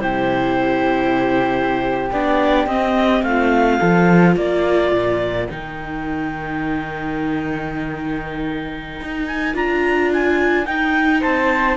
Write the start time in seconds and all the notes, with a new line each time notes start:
0.00 C3 E4 G4 C5
2.12 B3 D4 D5
2.66 C4 D#5
3.23 A3 F4 F5
3.80 F3 F4 A4
4.35 A#3 A#4 D5
4.92 A#2
5.48 D#3 D#4 G5
9.02 D#4
9.27 G#5
9.54 D4 F4 A#5
10.13 G#5
10.66 D#4 G5
11.21 C4 C5 A5